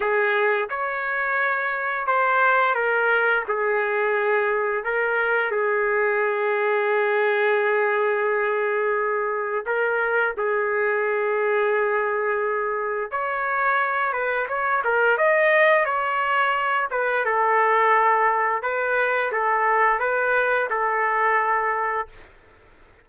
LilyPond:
\new Staff \with { instrumentName = "trumpet" } { \time 4/4 \tempo 4 = 87 gis'4 cis''2 c''4 | ais'4 gis'2 ais'4 | gis'1~ | gis'2 ais'4 gis'4~ |
gis'2. cis''4~ | cis''8 b'8 cis''8 ais'8 dis''4 cis''4~ | cis''8 b'8 a'2 b'4 | a'4 b'4 a'2 | }